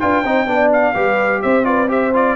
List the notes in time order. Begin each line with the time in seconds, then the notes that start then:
0.00 D4 F4 B4 G5
0.24 C4 D#4 C5
0.47 B3 D4 D5
0.73 F5
0.94 G3 G4 B4
1.42 C4 C5 E5
1.64 F4 B4 D5
1.88 G4 C5 E5
2.14 F4 D5